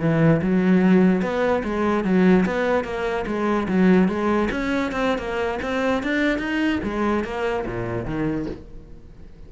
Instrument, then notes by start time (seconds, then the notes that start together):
cello
0.00 E3
0.42 F#3
1.22 B3
1.64 G#3
2.04 F#3
2.45 B3
2.84 A#3
3.27 G#3
3.68 F#3
4.08 G#3
4.51 C#4
4.92 C4
5.18 A#3
5.62 C4
6.03 D4
6.38 D#4
6.83 G#3
7.24 A#3
7.66 A#2
8.05 D#3